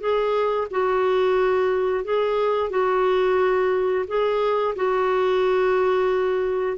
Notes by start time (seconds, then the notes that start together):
0.00 G#4
0.71 F#4
2.04 G#4
2.70 F#4
4.08 G#4
4.76 F#4